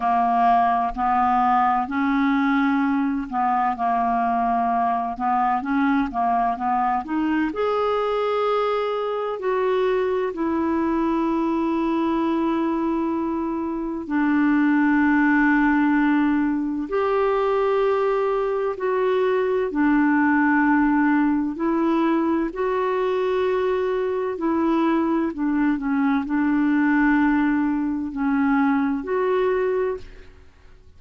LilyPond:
\new Staff \with { instrumentName = "clarinet" } { \time 4/4 \tempo 4 = 64 ais4 b4 cis'4. b8 | ais4. b8 cis'8 ais8 b8 dis'8 | gis'2 fis'4 e'4~ | e'2. d'4~ |
d'2 g'2 | fis'4 d'2 e'4 | fis'2 e'4 d'8 cis'8 | d'2 cis'4 fis'4 | }